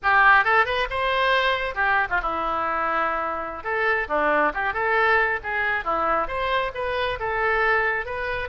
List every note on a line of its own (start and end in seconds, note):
0.02 0.44 G4
0.44 0.65 A4
0.65 0.87 B4
0.89 1.74 C5
1.74 2.07 G4
2.09 2.20 F4
2.22 3.63 E4
3.63 4.07 A4
4.08 4.52 D4
4.54 4.73 G4
4.73 5.39 A4
5.43 5.84 G#4
5.84 6.27 E4
6.27 6.71 C5
6.74 7.18 B4
7.19 8.05 A4
8.05 8.48 B4